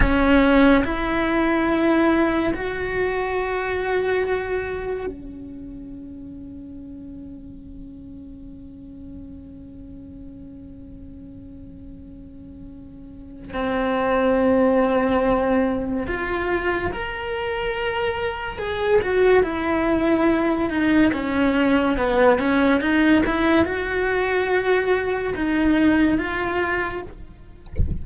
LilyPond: \new Staff \with { instrumentName = "cello" } { \time 4/4 \tempo 4 = 71 cis'4 e'2 fis'4~ | fis'2 cis'2~ | cis'1~ | cis'1 |
c'2. f'4 | ais'2 gis'8 fis'8 e'4~ | e'8 dis'8 cis'4 b8 cis'8 dis'8 e'8 | fis'2 dis'4 f'4 | }